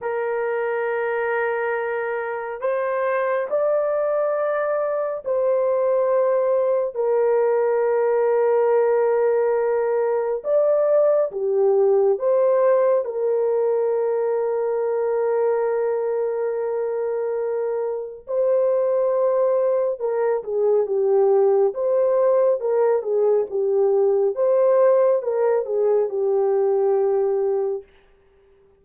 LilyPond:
\new Staff \with { instrumentName = "horn" } { \time 4/4 \tempo 4 = 69 ais'2. c''4 | d''2 c''2 | ais'1 | d''4 g'4 c''4 ais'4~ |
ais'1~ | ais'4 c''2 ais'8 gis'8 | g'4 c''4 ais'8 gis'8 g'4 | c''4 ais'8 gis'8 g'2 | }